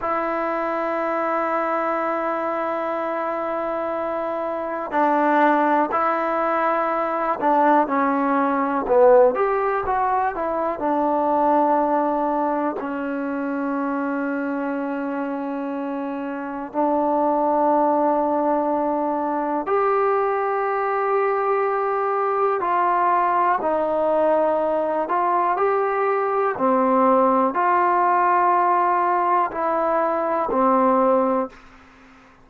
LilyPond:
\new Staff \with { instrumentName = "trombone" } { \time 4/4 \tempo 4 = 61 e'1~ | e'4 d'4 e'4. d'8 | cis'4 b8 g'8 fis'8 e'8 d'4~ | d'4 cis'2.~ |
cis'4 d'2. | g'2. f'4 | dis'4. f'8 g'4 c'4 | f'2 e'4 c'4 | }